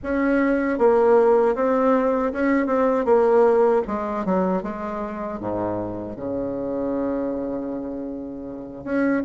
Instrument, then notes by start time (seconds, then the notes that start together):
bassoon
0.03 C#4
0.78 A#3
1.55 C4
2.33 C#4
2.66 C4
3.05 A#3
3.87 G#3
4.25 F#3
4.63 G#3
5.40 G#2
6.16 C#3
8.84 C#4